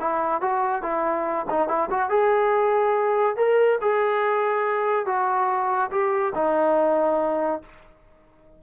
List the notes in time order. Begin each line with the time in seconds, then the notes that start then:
0.00 E4
0.41 F#4
0.82 E4
1.50 D#4
1.68 E4
1.90 F#4
2.10 G#4
3.36 A#4
3.81 G#4
5.06 F#4
5.91 G4
6.35 D#4